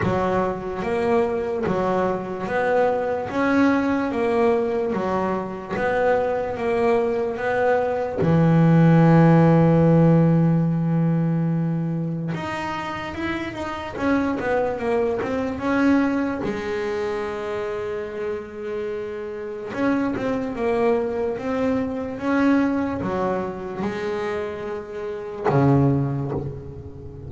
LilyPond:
\new Staff \with { instrumentName = "double bass" } { \time 4/4 \tempo 4 = 73 fis4 ais4 fis4 b4 | cis'4 ais4 fis4 b4 | ais4 b4 e2~ | e2. dis'4 |
e'8 dis'8 cis'8 b8 ais8 c'8 cis'4 | gis1 | cis'8 c'8 ais4 c'4 cis'4 | fis4 gis2 cis4 | }